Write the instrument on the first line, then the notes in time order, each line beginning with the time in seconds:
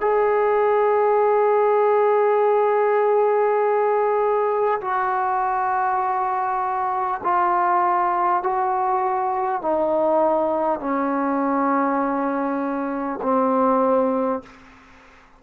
trombone
0.00 G#4
4.81 F#4
7.23 F4
8.43 F#4
9.62 D#4
10.79 C#4
13.22 C4